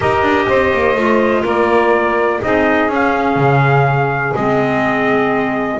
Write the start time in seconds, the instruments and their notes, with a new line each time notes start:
0.00 double bass D#4, clarinet G4, saxophone A#4, trumpet D#5
0.22 double bass D4
0.48 double bass C4, saxophone C5
0.73 double bass A#3
0.95 double bass A3, clarinet F4
1.43 double bass A#3, saxophone A#4, trumpet D5
2.42 double bass C4, clarinet D#4, saxophone G#4, trumpet D#5
2.88 double bass C#4, clarinet C#4
2.94 trumpet F5
3.36 double bass C#3
4.35 double bass G#3, clarinet C4, trumpet D#5